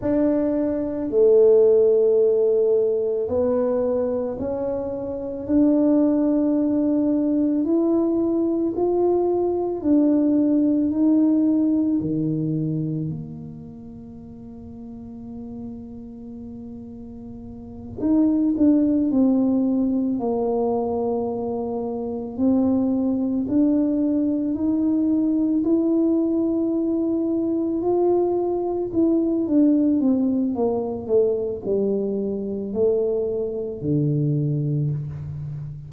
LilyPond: \new Staff \with { instrumentName = "tuba" } { \time 4/4 \tempo 4 = 55 d'4 a2 b4 | cis'4 d'2 e'4 | f'4 d'4 dis'4 dis4 | ais1~ |
ais8 dis'8 d'8 c'4 ais4.~ | ais8 c'4 d'4 dis'4 e'8~ | e'4. f'4 e'8 d'8 c'8 | ais8 a8 g4 a4 d4 | }